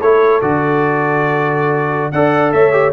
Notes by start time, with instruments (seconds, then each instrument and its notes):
0.00 tuba A3, trombone E4, horn A4, trumpet C#5
0.41 tuba D3, trombone F#4, trumpet D5
2.11 tuba D4, trombone A4, horn D5, trumpet F#5
2.52 tuba A3, horn C#5, trumpet E5
2.72 trombone G4